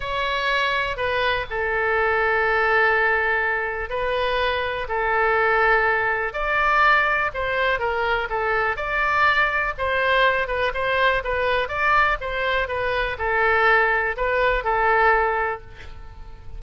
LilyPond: \new Staff \with { instrumentName = "oboe" } { \time 4/4 \tempo 4 = 123 cis''2 b'4 a'4~ | a'1 | b'2 a'2~ | a'4 d''2 c''4 |
ais'4 a'4 d''2 | c''4. b'8 c''4 b'4 | d''4 c''4 b'4 a'4~ | a'4 b'4 a'2 | }